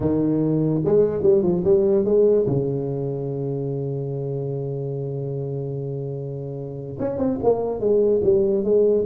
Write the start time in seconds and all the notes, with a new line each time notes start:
0.00 D#3
0.85 G#3
1.22 G3
1.43 F3
1.64 G3
2.05 G#3
2.46 C#3
6.99 C#4
7.17 C4
7.43 A#3
7.80 G#3
8.23 G3
8.64 G#3